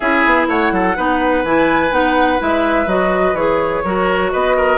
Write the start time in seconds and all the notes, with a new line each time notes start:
0.00 C#4 E4 G#4 E5
0.25 B3
0.47 A3 C#5 F#5
0.71 F#3 A4
0.96 B3 D#4 B4
1.43 E3 E4 G#5
1.91 B3 D#4 F#5
2.39 G#3 E4 E5
2.86 F#3 F#4 D#5
3.33 E3 G#4 C#5
3.84 F#3 F#4 A#4
4.31 B3 B4 D#5
4.56 A#4